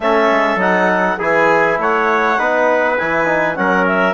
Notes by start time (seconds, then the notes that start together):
0.00 A3 C#4 A4 E5
0.30 G#3
0.55 F#3 D#4 F#5
1.18 E3 E4 G#4 G#5
1.78 A3 C#5 F#5
2.38 B3 D#4 B4
2.98 E3 E4 G#5
3.25 D#4
3.55 F#3 C#4 A#4 F#5
3.86 E5